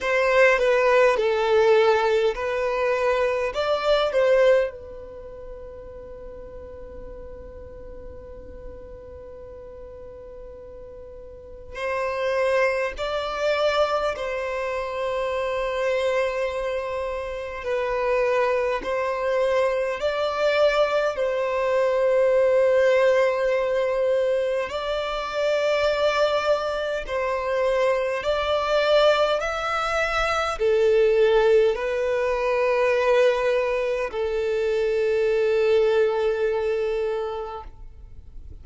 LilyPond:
\new Staff \with { instrumentName = "violin" } { \time 4/4 \tempo 4 = 51 c''8 b'8 a'4 b'4 d''8 c''8 | b'1~ | b'2 c''4 d''4 | c''2. b'4 |
c''4 d''4 c''2~ | c''4 d''2 c''4 | d''4 e''4 a'4 b'4~ | b'4 a'2. | }